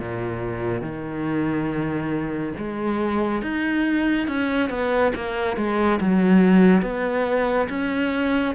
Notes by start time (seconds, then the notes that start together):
0.00 A#2
0.82 D#3
2.58 G#3
3.42 D#4
4.28 C#4
4.70 B3
5.15 A#3
5.57 G#3
6.01 F#3
6.83 B3
7.69 C#4